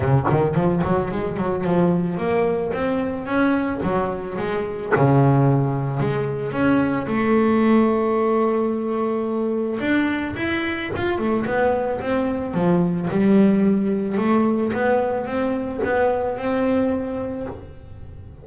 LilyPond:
\new Staff \with { instrumentName = "double bass" } { \time 4/4 \tempo 4 = 110 cis8 dis8 f8 fis8 gis8 fis8 f4 | ais4 c'4 cis'4 fis4 | gis4 cis2 gis4 | cis'4 a2.~ |
a2 d'4 e'4 | f'8 a8 b4 c'4 f4 | g2 a4 b4 | c'4 b4 c'2 | }